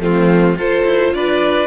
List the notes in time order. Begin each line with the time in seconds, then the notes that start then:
0.00 F3 A3 C4 F4
0.56 F4 A4 C5
0.85 E4
1.13 D4 B4 D5